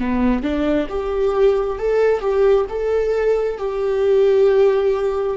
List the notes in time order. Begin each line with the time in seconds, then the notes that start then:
0.00 B3
0.43 D4
0.90 G4
1.79 A4
2.21 G4
2.69 A4
3.58 G4